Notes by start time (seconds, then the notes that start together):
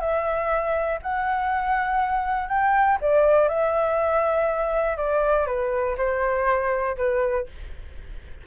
0.00 E5
1.02 F#5
2.48 G5
3.01 D5
3.49 E5
4.97 D5
5.46 B4
5.97 C5
6.97 B4